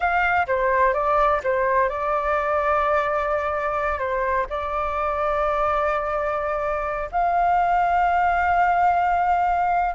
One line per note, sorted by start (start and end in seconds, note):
0.00 0.46 F5
0.47 0.93 C5
0.93 1.40 D5
1.43 1.89 C5
1.89 3.98 D5
3.98 4.45 C5
4.49 7.09 D5
7.11 9.94 F5